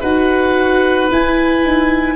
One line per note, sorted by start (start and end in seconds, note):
0.00 1.10 D#4
0.00 1.10 F#4
0.00 2.14 B4
0.00 1.09 F#5
1.10 2.17 E4
1.10 1.65 E4
1.10 2.17 G#5
1.65 2.17 D#4